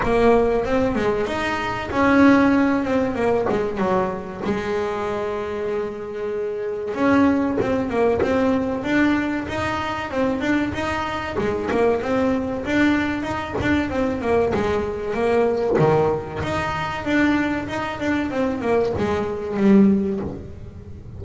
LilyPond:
\new Staff \with { instrumentName = "double bass" } { \time 4/4 \tempo 4 = 95 ais4 c'8 gis8 dis'4 cis'4~ | cis'8 c'8 ais8 gis8 fis4 gis4~ | gis2. cis'4 | c'8 ais8 c'4 d'4 dis'4 |
c'8 d'8 dis'4 gis8 ais8 c'4 | d'4 dis'8 d'8 c'8 ais8 gis4 | ais4 dis4 dis'4 d'4 | dis'8 d'8 c'8 ais8 gis4 g4 | }